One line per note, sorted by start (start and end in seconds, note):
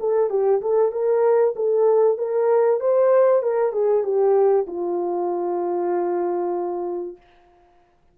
0.00 0.30 A4
0.30 0.61 G4
0.61 0.91 A4
0.91 1.54 A#4
1.56 2.18 A4
2.18 2.80 A#4
2.80 3.43 C5
3.43 3.72 A#4
3.72 4.03 G#4
4.03 4.66 G4
4.67 7.17 F4